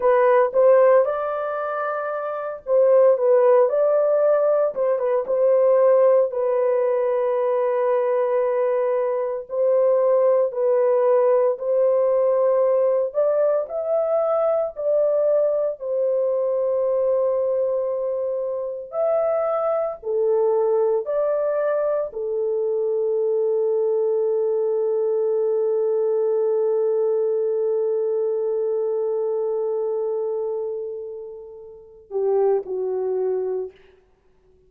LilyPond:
\new Staff \with { instrumentName = "horn" } { \time 4/4 \tempo 4 = 57 b'8 c''8 d''4. c''8 b'8 d''8~ | d''8 c''16 b'16 c''4 b'2~ | b'4 c''4 b'4 c''4~ | c''8 d''8 e''4 d''4 c''4~ |
c''2 e''4 a'4 | d''4 a'2.~ | a'1~ | a'2~ a'8 g'8 fis'4 | }